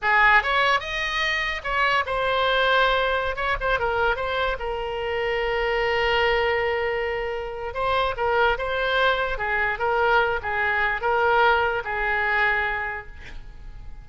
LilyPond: \new Staff \with { instrumentName = "oboe" } { \time 4/4 \tempo 4 = 147 gis'4 cis''4 dis''2 | cis''4 c''2.~ | c''16 cis''8 c''8 ais'4 c''4 ais'8.~ | ais'1~ |
ais'2. c''4 | ais'4 c''2 gis'4 | ais'4. gis'4. ais'4~ | ais'4 gis'2. | }